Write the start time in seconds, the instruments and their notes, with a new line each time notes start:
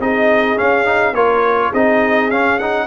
0.00 tuba C4, trombone D#4, horn G#4, trumpet D#5
0.57 trombone C#4, tuba C#4, trumpet F5
0.85 trombone D#4
1.13 tuba A#3, trombone F4, horn A#4, trumpet C#5
1.72 tuba C4, trombone D#4, horn G#4, trumpet D#5
2.31 trombone C#4, tuba C#4, trumpet F5
2.59 trombone D#4, trumpet F#5